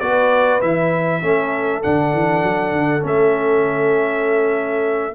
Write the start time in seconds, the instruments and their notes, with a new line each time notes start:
0.00 tuba B3, trombone F#4, horn B4, trumpet D5
0.61 tuba E3, trombone E4, trumpet E5
1.22 tuba A3, trombone C#4, horn A4
1.83 tuba D3, trombone D4, trumpet F#5
2.13 tuba E3
2.43 tuba F#3
2.72 tuba D3
3.00 tuba A3, trombone C#4
3.06 trumpet E5